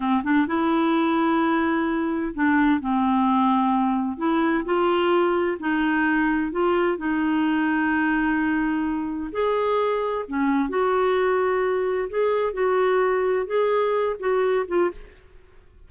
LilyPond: \new Staff \with { instrumentName = "clarinet" } { \time 4/4 \tempo 4 = 129 c'8 d'8 e'2.~ | e'4 d'4 c'2~ | c'4 e'4 f'2 | dis'2 f'4 dis'4~ |
dis'1 | gis'2 cis'4 fis'4~ | fis'2 gis'4 fis'4~ | fis'4 gis'4. fis'4 f'8 | }